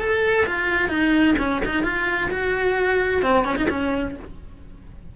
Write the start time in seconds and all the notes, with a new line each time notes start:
0.00 A4
0.47 F4
0.89 D#4
1.39 C#4
1.66 D#4
1.84 F4
2.31 F#4
3.22 C4
3.45 C#4
3.57 D#4
3.70 C#4